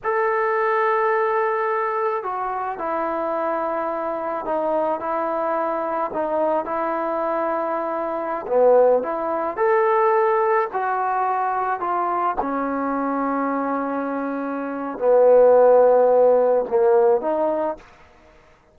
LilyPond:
\new Staff \with { instrumentName = "trombone" } { \time 4/4 \tempo 4 = 108 a'1 | fis'4 e'2. | dis'4 e'2 dis'4 | e'2.~ e'16 b8.~ |
b16 e'4 a'2 fis'8.~ | fis'4~ fis'16 f'4 cis'4.~ cis'16~ | cis'2. b4~ | b2 ais4 dis'4 | }